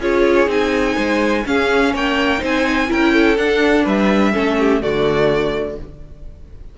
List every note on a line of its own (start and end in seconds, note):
0.00 0.47 C#4
0.00 0.47 F4
0.00 0.96 G#4
0.00 0.50 C#5
0.47 0.95 C4
0.47 1.43 D#4
0.47 1.46 G#5
0.96 1.45 G#3
0.96 1.44 C5
1.46 1.94 C#4
1.46 2.38 C#4
1.46 1.93 G#4
1.46 1.94 F5
1.93 2.42 A#3
1.93 2.40 C#5
1.93 2.44 G5
2.38 2.90 C4
2.38 2.86 D#4
2.38 2.88 C5
2.45 2.92 G#5
2.88 3.38 C#4
2.88 3.36 E4
2.88 3.13 A#4
2.88 3.37 G5
3.13 3.84 A4
3.37 4.33 D4
3.37 3.86 D4
3.37 3.85 F#5
3.84 4.34 G3
3.84 4.32 B4
3.84 4.82 E5
4.33 4.82 A3
4.33 4.81 C#4
4.33 4.57 A4
4.59 4.82 G4
4.81 5.78 D3
4.81 5.77 A3
4.81 5.78 F#4
4.81 5.78 D5